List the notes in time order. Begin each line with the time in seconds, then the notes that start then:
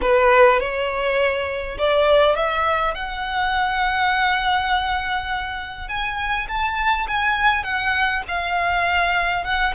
0.01 B4
0.59 C#5
1.78 D5
2.35 E5
2.94 F#5
5.88 G#5
6.48 A5
7.07 G#5
7.63 F#5
8.28 F5
9.44 F#5